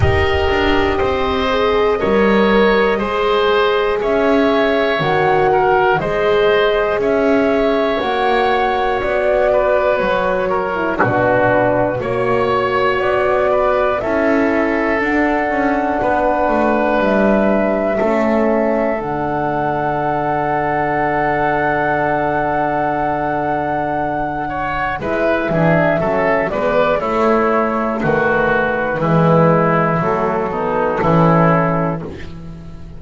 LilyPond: <<
  \new Staff \with { instrumentName = "flute" } { \time 4/4 \tempo 4 = 60 dis''1 | e''4 fis''4 dis''4 e''4 | fis''4 d''4 cis''4 b'4 | cis''4 d''4 e''4 fis''4~ |
fis''4 e''2 fis''4~ | fis''1~ | fis''4 e''4. d''8 cis''4 | b'2 a'2 | }
  \new Staff \with { instrumentName = "oboe" } { \time 4/4 ais'4 c''4 cis''4 c''4 | cis''4. ais'8 c''4 cis''4~ | cis''4. b'4 ais'8 fis'4 | cis''4. b'8 a'2 |
b'2 a'2~ | a'1~ | a'8 cis''8 b'8 gis'8 a'8 b'8 e'4 | fis'4 e'4. dis'8 e'4 | }
  \new Staff \with { instrumentName = "horn" } { \time 4/4 g'4. gis'8 ais'4 gis'4~ | gis'4 fis'4 gis'2 | fis'2~ fis'8. e'16 d'4 | fis'2 e'4 d'4~ |
d'2 cis'4 d'4~ | d'1~ | d'4 e'8 d'8 cis'8 b8 a4~ | a4 gis4 a8 b8 cis'4 | }
  \new Staff \with { instrumentName = "double bass" } { \time 4/4 dis'8 d'8 c'4 g4 gis4 | cis'4 dis4 gis4 cis'4 | ais4 b4 fis4 b,4 | ais4 b4 cis'4 d'8 cis'8 |
b8 a8 g4 a4 d4~ | d1~ | d4 gis8 e8 fis8 gis8 a4 | dis4 e4 fis4 e4 | }
>>